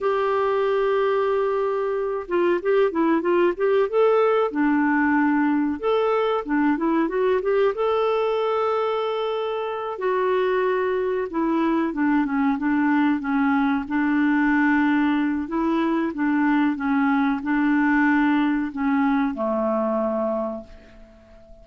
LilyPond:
\new Staff \with { instrumentName = "clarinet" } { \time 4/4 \tempo 4 = 93 g'2.~ g'8 f'8 | g'8 e'8 f'8 g'8 a'4 d'4~ | d'4 a'4 d'8 e'8 fis'8 g'8 | a'2.~ a'8 fis'8~ |
fis'4. e'4 d'8 cis'8 d'8~ | d'8 cis'4 d'2~ d'8 | e'4 d'4 cis'4 d'4~ | d'4 cis'4 a2 | }